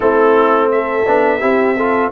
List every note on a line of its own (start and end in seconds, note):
0.00 1.06 A3
0.00 1.05 C4
0.00 0.70 E4
0.00 0.70 A4
0.71 1.40 A4
0.71 2.11 E5
1.06 1.41 B3
1.06 1.40 D4
1.40 2.11 C4
1.40 1.75 E4
1.40 1.75 G4
1.76 2.11 F4
1.76 2.11 A4